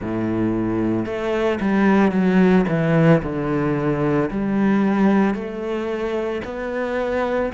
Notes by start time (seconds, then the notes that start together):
0.01 A2
1.05 A3
1.60 G3
2.11 F#3
2.68 E3
3.22 D3
4.31 G3
5.34 A3
6.44 B3